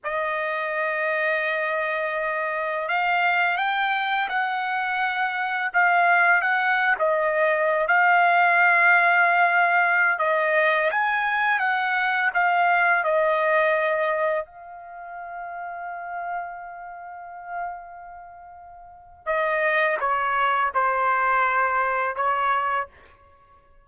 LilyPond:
\new Staff \with { instrumentName = "trumpet" } { \time 4/4 \tempo 4 = 84 dis''1 | f''4 g''4 fis''2 | f''4 fis''8. dis''4~ dis''16 f''4~ | f''2~ f''16 dis''4 gis''8.~ |
gis''16 fis''4 f''4 dis''4.~ dis''16~ | dis''16 f''2.~ f''8.~ | f''2. dis''4 | cis''4 c''2 cis''4 | }